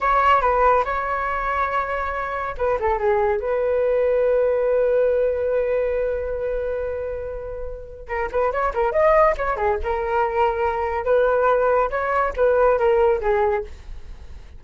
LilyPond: \new Staff \with { instrumentName = "flute" } { \time 4/4 \tempo 4 = 141 cis''4 b'4 cis''2~ | cis''2 b'8 a'8 gis'4 | b'1~ | b'1~ |
b'2. ais'8 b'8 | cis''8 ais'8 dis''4 cis''8 gis'8 ais'4~ | ais'2 b'2 | cis''4 b'4 ais'4 gis'4 | }